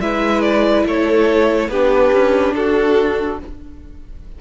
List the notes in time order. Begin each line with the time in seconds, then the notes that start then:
0.00 G#3 E4 B4 E5
0.42 D5
0.85 A3 A4 C#5
1.68 B3 D4 G4 B4
2.13 C#4
2.54 D4 F#4 A4